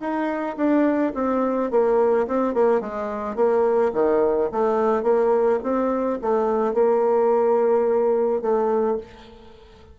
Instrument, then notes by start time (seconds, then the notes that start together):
bassoon
0.00 D#4
0.57 D4
1.15 C4
1.71 A#3
2.27 C4
2.54 A#3
2.81 G#3
3.36 A#3
3.94 D#3
4.52 A3
5.03 A#3
5.63 C4
6.22 A3
6.74 A#3
8.42 A3